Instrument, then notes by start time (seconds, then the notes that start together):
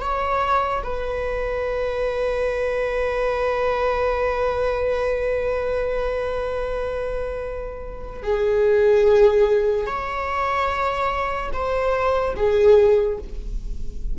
viola
0.00 C#5
0.83 B4
8.22 G#4
9.86 C#5
11.52 C5
12.36 G#4